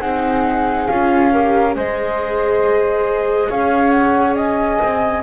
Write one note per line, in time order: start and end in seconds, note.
0.00 0.88 C4
0.00 0.88 D#4
0.00 1.30 G#4
0.00 0.87 F#5
0.87 1.75 C#4
0.87 1.33 F4
0.87 1.74 F5
1.32 1.76 G4
1.32 1.75 A#4
1.75 3.49 G#3
1.75 5.22 G#4
1.75 3.49 C5
1.75 3.51 D#5
3.49 4.80 C#4
3.49 4.36 C#5
3.49 3.90 F5
3.90 4.33 F#5
4.36 5.22 D#5
4.36 5.22 G#5
4.82 5.22 C4